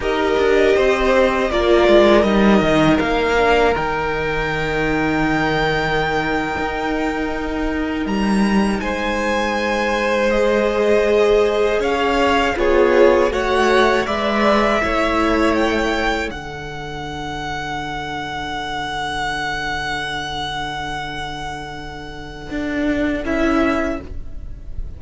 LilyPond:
<<
  \new Staff \with { instrumentName = "violin" } { \time 4/4 \tempo 4 = 80 dis''2 d''4 dis''4 | f''4 g''2.~ | g''2~ g''8. ais''4 gis''16~ | gis''4.~ gis''16 dis''2 f''16~ |
f''8. cis''4 fis''4 e''4~ e''16~ | e''8. g''4 fis''2~ fis''16~ | fis''1~ | fis''2. e''4 | }
  \new Staff \with { instrumentName = "violin" } { \time 4/4 ais'4 c''4 ais'2~ | ais'1~ | ais'2.~ ais'8. c''16~ | c''2.~ c''8. cis''16~ |
cis''8. gis'4 cis''4 d''4 cis''16~ | cis''4.~ cis''16 a'2~ a'16~ | a'1~ | a'1 | }
  \new Staff \with { instrumentName = "viola" } { \time 4/4 g'2 f'4 dis'4~ | dis'8 d'8 dis'2.~ | dis'1~ | dis'4.~ dis'16 gis'2~ gis'16~ |
gis'8. f'4 fis'4 b'4 e'16~ | e'4.~ e'16 d'2~ d'16~ | d'1~ | d'2. e'4 | }
  \new Staff \with { instrumentName = "cello" } { \time 4/4 dis'8 d'8 c'4 ais8 gis8 g8 dis8 | ais4 dis2.~ | dis8. dis'2 g4 gis16~ | gis2.~ gis8. cis'16~ |
cis'8. b4 a4 gis4 a16~ | a4.~ a16 d2~ d16~ | d1~ | d2 d'4 cis'4 | }
>>